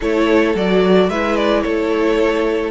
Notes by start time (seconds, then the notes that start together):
0.00 A3 E4 A4 C#5
0.54 F#3 F#4 D5
1.09 G#3 E4 B4 E5
1.36 D5
1.62 A3 A4 C#5